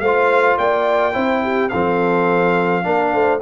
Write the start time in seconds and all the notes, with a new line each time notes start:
0.00 A3 F4 C5 F5
0.58 A#3 D5 G5
1.12 C4 E4 C5
1.43 G4
1.69 F3 C4 A4 F5
2.83 A#3 D4 A#4
3.12 A3 C5